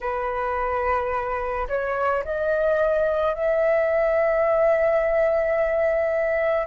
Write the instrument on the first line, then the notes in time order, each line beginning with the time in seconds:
flute
0.01 B4
1.68 C#5
2.24 D#5
3.34 E5